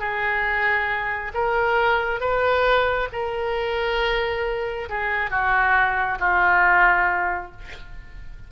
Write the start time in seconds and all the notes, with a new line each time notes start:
0.00 G#4
1.35 A#4
2.21 B4
3.13 A#4
4.90 G#4
5.31 F#4
6.20 F4